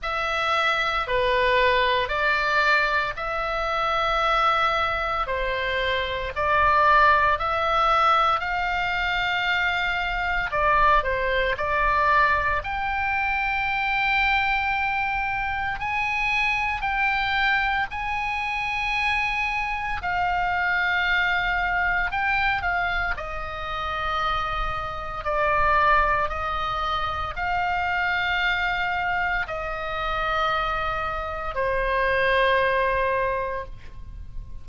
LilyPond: \new Staff \with { instrumentName = "oboe" } { \time 4/4 \tempo 4 = 57 e''4 b'4 d''4 e''4~ | e''4 c''4 d''4 e''4 | f''2 d''8 c''8 d''4 | g''2. gis''4 |
g''4 gis''2 f''4~ | f''4 g''8 f''8 dis''2 | d''4 dis''4 f''2 | dis''2 c''2 | }